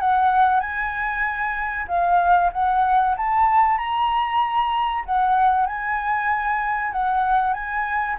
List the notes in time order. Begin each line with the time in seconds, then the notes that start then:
0.00 F#5
0.61 G#5
1.88 F5
2.53 F#5
3.17 A5
3.78 A#5
5.06 F#5
5.66 G#5
6.92 F#5
7.53 G#5